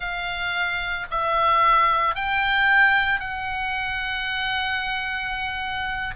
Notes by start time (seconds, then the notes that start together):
0.00 F5
1.10 E5
2.15 G5
3.20 F#5